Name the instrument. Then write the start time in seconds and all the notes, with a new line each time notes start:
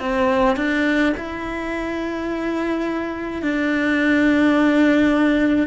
cello
0.00 C4
0.57 D4
1.17 E4
3.43 D4